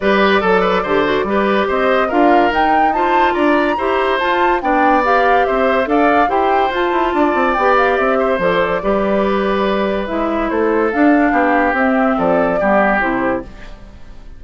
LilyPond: <<
  \new Staff \with { instrumentName = "flute" } { \time 4/4 \tempo 4 = 143 d''1 | dis''4 f''4 g''4 a''4 | ais''2 a''4 g''4 | f''4 e''4 f''4 g''4 |
a''2 g''8 f''8 e''4 | d''1 | e''4 c''4 f''2 | e''4 d''2 c''4 | }
  \new Staff \with { instrumentName = "oboe" } { \time 4/4 b'4 a'8 b'8 c''4 b'4 | c''4 ais'2 c''4 | d''4 c''2 d''4~ | d''4 c''4 d''4 c''4~ |
c''4 d''2~ d''8 c''8~ | c''4 b'2.~ | b'4 a'2 g'4~ | g'4 a'4 g'2 | }
  \new Staff \with { instrumentName = "clarinet" } { \time 4/4 g'4 a'4 g'8 fis'8 g'4~ | g'4 f'4 dis'4 f'4~ | f'4 g'4 f'4 d'4 | g'2 a'4 g'4 |
f'2 g'2 | a'4 g'2. | e'2 d'2 | c'2 b4 e'4 | }
  \new Staff \with { instrumentName = "bassoon" } { \time 4/4 g4 fis4 d4 g4 | c'4 d'4 dis'2 | d'4 e'4 f'4 b4~ | b4 c'4 d'4 e'4 |
f'8 e'8 d'8 c'8 b4 c'4 | f4 g2. | gis4 a4 d'4 b4 | c'4 f4 g4 c4 | }
>>